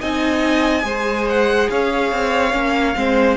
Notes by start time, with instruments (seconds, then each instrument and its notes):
0.00 cello C4, viola D#4, violin D#5 G#5
0.81 cello G#3, viola G#4, violin C5
1.29 violin F#5
1.70 cello C#4, violin C#5 F5
2.11 cello C4
2.52 cello A#3, viola C#4
2.95 cello G#3, viola C4, violin C5